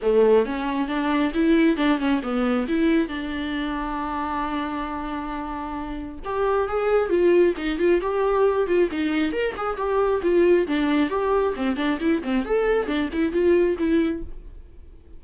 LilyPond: \new Staff \with { instrumentName = "viola" } { \time 4/4 \tempo 4 = 135 a4 cis'4 d'4 e'4 | d'8 cis'8 b4 e'4 d'4~ | d'1~ | d'2 g'4 gis'4 |
f'4 dis'8 f'8 g'4. f'8 | dis'4 ais'8 gis'8 g'4 f'4 | d'4 g'4 c'8 d'8 e'8 c'8 | a'4 d'8 e'8 f'4 e'4 | }